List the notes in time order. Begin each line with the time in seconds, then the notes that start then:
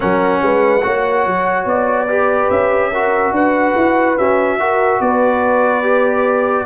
0.00 F#3 C#4 A#4 F#5
0.42 G#3 B4
0.82 A#3 F#4 C#5
1.26 F#3
1.65 B3 D5
2.07 G4 B4
2.50 C#4 E5
2.91 F#4 A#4
3.32 D4 B4 F#5
3.76 E4
4.17 C#4 F#4 E5
4.59 F#4 A#4
5.00 B3 B4 D5
5.82 G4